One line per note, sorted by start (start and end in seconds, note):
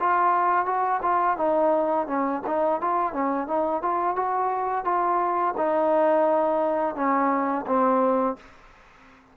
0.00 0.66 F4
0.66 1.01 F#4
1.02 1.37 F4
1.37 2.07 D#4
2.07 2.42 C#4
2.47 2.81 D#4
2.81 3.13 F4
3.13 3.48 C#4
3.48 3.82 D#4
3.82 4.16 F4
4.16 4.85 F#4
4.85 5.55 F4
5.57 6.96 D#4
6.96 7.66 C#4
7.67 8.37 C4